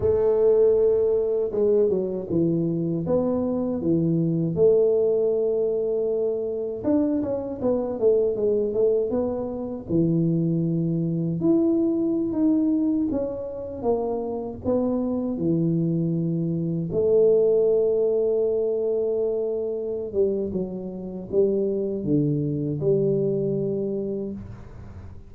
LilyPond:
\new Staff \with { instrumentName = "tuba" } { \time 4/4 \tempo 4 = 79 a2 gis8 fis8 e4 | b4 e4 a2~ | a4 d'8 cis'8 b8 a8 gis8 a8 | b4 e2 e'4~ |
e'16 dis'4 cis'4 ais4 b8.~ | b16 e2 a4.~ a16~ | a2~ a8 g8 fis4 | g4 d4 g2 | }